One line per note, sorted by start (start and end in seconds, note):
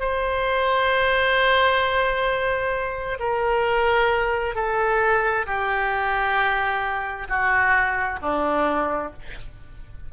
0.00 3.18 C5
3.19 4.55 A#4
4.55 5.46 A4
5.46 7.28 G4
7.29 8.20 F#4
8.22 9.13 D4